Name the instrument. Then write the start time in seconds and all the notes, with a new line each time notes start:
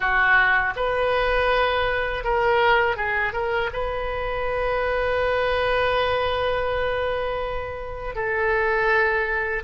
oboe
0.00 F#4
0.75 B4
2.24 A#4
2.96 G#4
3.33 A#4
3.72 B4
8.15 A4